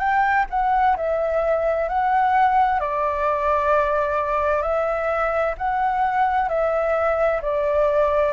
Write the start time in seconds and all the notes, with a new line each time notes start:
0.00 G5
0.51 F#5
0.97 E5
1.89 F#5
2.80 D5
4.63 E5
5.58 F#5
6.49 E5
7.42 D5